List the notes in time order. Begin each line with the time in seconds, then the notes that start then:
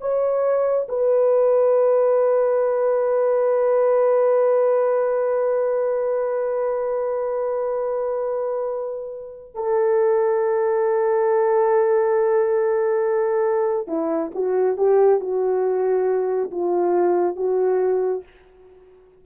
0.00 C#5
0.89 B4
9.54 A4
13.87 E4
14.34 F#4
14.77 G4
15.20 F#4
16.51 F4
17.36 F#4